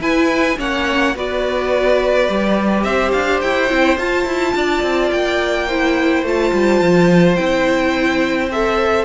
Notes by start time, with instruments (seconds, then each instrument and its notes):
0.00 cello E4, viola E4, violin B4 G#5
0.58 cello A#3, viola C#4, violin C#5 F#5
1.16 cello B3, viola F#4, violin B4 D5
2.29 cello G3, viola G4
2.83 cello C4, violin C5 E5
3.12 cello D4, violin F5
3.42 cello E4, violin G5
3.69 cello C4, viola E4
3.98 cello F4, viola F4, violin A5
4.27 cello E4
4.56 cello D4, violin D5
4.83 cello C4
5.12 cello A#3, violin G5
5.67 viola E4, violin C5
6.23 cello A3, viola F4, violin A5
6.53 cello G3
6.81 cello F3
7.36 cello C4, viola E4, violin G5
8.52 viola A4, violin E5